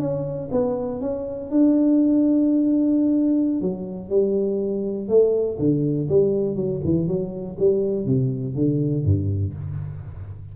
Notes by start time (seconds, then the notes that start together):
0.00 C#4
0.52 B3
1.01 C#4
1.51 D4
3.62 F#3
4.10 G3
5.09 A3
5.59 D3
6.09 G3
6.56 F#3
6.85 E3
7.08 F#3
7.59 G3
8.06 C3
8.55 D3
9.05 G2